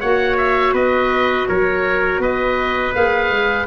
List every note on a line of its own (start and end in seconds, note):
0.00 0.73 A#3
0.00 2.94 F#4
0.00 0.73 C#5
0.00 0.37 F#5
0.37 0.74 E5
0.73 1.46 B3
0.73 1.46 B4
0.73 1.48 D#5
1.48 2.19 F#3
1.48 2.21 A#4
1.48 2.21 C#5
2.19 2.92 B3
2.19 3.67 B4
2.19 2.94 D#5
2.94 3.30 A#3
2.94 3.67 G#4
2.94 3.67 F5
3.30 3.66 G#3